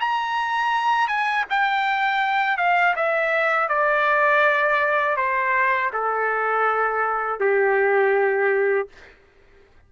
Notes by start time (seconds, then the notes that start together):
0.00 A#5
1.08 G#5
1.50 G5
2.58 F5
2.96 E5
3.69 D5
5.17 C5
5.93 A4
7.40 G4